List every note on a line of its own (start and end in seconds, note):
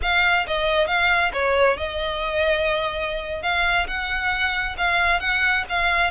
0.02 0.46 F5
0.47 0.87 D#5
0.87 1.31 F5
1.33 1.77 C#5
1.77 3.42 D#5
3.42 3.86 F5
3.87 4.76 F#5
4.77 5.20 F5
5.20 5.64 F#5
5.69 6.11 F5